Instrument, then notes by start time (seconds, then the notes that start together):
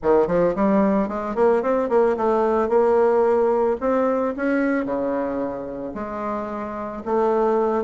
bassoon
0.02 D#3
0.27 F3
0.55 G3
1.08 G#3
1.35 A#3
1.62 C4
1.89 A#3
2.16 A3
2.68 A#3
3.80 C4
4.36 C#4
4.85 C#3
5.94 G#3
7.05 A3